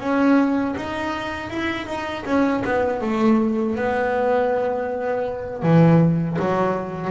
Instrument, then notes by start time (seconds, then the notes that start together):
double bass
0.00 C#4
0.77 D#4
1.50 E4
1.87 D#4
2.26 C#4
2.65 B3
3.01 A3
3.76 B3
5.62 E3
6.39 F#3